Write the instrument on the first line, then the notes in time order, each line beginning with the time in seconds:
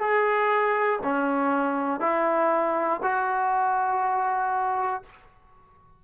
trombone
0.00 G#4
1.04 C#4
2.01 E4
3.03 F#4